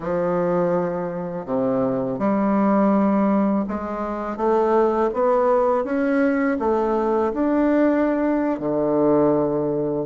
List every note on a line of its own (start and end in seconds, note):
0.00 1.45 F3
1.45 2.19 C3
2.19 3.65 G3
3.68 4.36 G#3
4.36 5.10 A3
5.13 5.84 B3
5.84 6.57 C#4
6.59 7.32 A3
7.33 8.59 D4
8.59 10.05 D3